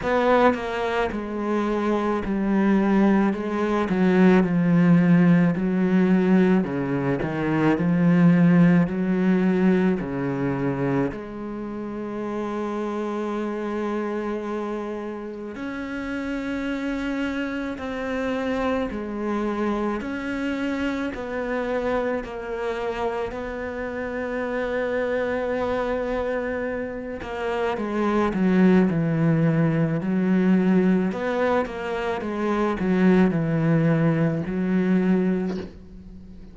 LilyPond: \new Staff \with { instrumentName = "cello" } { \time 4/4 \tempo 4 = 54 b8 ais8 gis4 g4 gis8 fis8 | f4 fis4 cis8 dis8 f4 | fis4 cis4 gis2~ | gis2 cis'2 |
c'4 gis4 cis'4 b4 | ais4 b2.~ | b8 ais8 gis8 fis8 e4 fis4 | b8 ais8 gis8 fis8 e4 fis4 | }